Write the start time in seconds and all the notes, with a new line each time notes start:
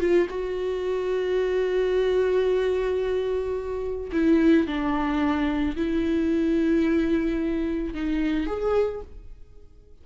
0.00 F4
0.29 F#4
4.12 E4
4.67 D4
5.76 E4
7.94 D#4
8.47 G#4